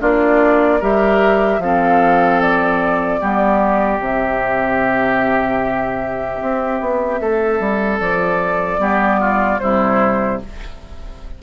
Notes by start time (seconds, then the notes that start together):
0.00 A#3 D4 F4 D5
0.80 G3 G4 A#4 E5
1.59 F3 C4 A4 F5
2.42 D5
3.21 G3 B3 G4
3.99 C3 C4 E5
6.42 C4
6.81 B3
7.20 A3 A4
7.60 G3
8.00 F3 D5
8.79 G3 B3 G4
9.20 F4
9.59 C3 G3 E4 C5